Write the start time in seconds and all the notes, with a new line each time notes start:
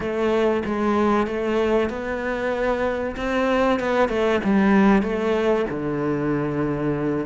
0.00 A3
0.65 G#3
1.27 A3
1.89 B3
3.16 C4
3.79 B3
4.09 A3
4.44 G3
5.02 A3
5.70 D3